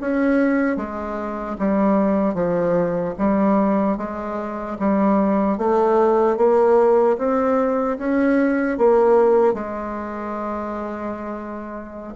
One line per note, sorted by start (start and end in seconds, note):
0.00 0.76 C#4
0.76 1.56 G#3
1.59 2.34 G3
2.34 3.14 F3
3.18 3.97 G3
3.97 4.77 G#3
4.79 5.57 G3
5.57 6.37 A3
6.37 7.17 A#3
7.17 7.97 C4
7.98 8.77 C#4
8.77 9.53 A#3
9.53 12.13 G#3